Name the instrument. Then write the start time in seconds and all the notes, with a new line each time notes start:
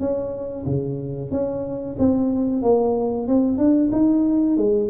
tuba
0.00 C#4
0.66 C#3
1.32 C#4
1.99 C4
2.62 A#3
3.28 C4
3.58 D4
3.92 D#4
4.57 G#3